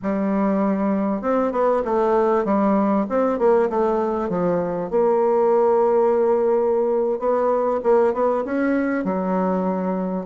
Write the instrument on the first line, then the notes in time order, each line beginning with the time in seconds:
bassoon
0.02 G3
1.21 C4
1.51 B3
1.85 A3
2.45 G3
3.09 C4
3.38 A#3
3.69 A3
4.29 F3
4.90 A#3
7.19 B3
7.83 A#3
8.13 B3
8.45 C#4
9.04 F#3